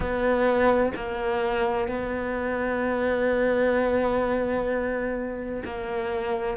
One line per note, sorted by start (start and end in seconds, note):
0.00 0.92 B3
0.95 1.87 A#3
1.87 5.62 B3
5.64 6.57 A#3